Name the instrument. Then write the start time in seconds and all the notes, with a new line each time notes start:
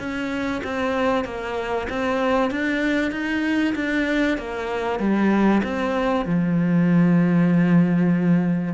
cello
0.00 C#4
0.64 C4
1.25 A#3
1.90 C4
2.51 D4
3.12 D#4
3.76 D4
4.38 A#3
5.00 G3
5.64 C4
6.26 F3